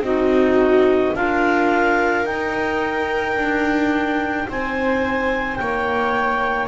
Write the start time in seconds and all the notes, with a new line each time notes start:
0.00 C4 D#4 F#4 D#5
1.15 D4 F4 A#4 F5
2.25 D#4 G5
3.37 D4
4.49 C4 C5 G#5
5.56 A#3 C#5 G5